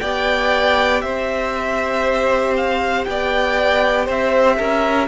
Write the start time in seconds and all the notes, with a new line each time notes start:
0.00 B3 G4 D5 G5
1.01 C4 C5 E5
2.57 F5
3.05 B3 D5 G5
4.06 C4 C5 E5
4.57 C#4 A#4